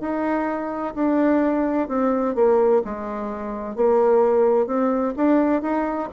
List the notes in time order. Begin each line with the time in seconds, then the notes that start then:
0.00 D#4
0.94 D4
1.88 C4
2.35 A#3
2.85 G#3
3.75 A#3
4.67 C4
5.16 D4
5.61 D#4